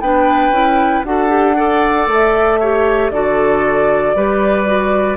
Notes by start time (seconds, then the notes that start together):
0.00 B3 D4 B4 G5
0.50 C#4 E4
1.05 D4 F#4 A4 F#5
1.29 G4
1.57 A4 D5
2.07 A3 E5
2.60 G4 C#5
3.10 D3 F#4 A4 D5
4.15 G3 G4 B4
4.66 F#4